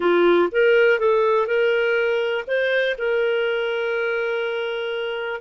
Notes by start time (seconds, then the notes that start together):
0.00 F4
0.51 A#4
0.99 A4
1.46 A#4
2.47 C5
2.98 A#4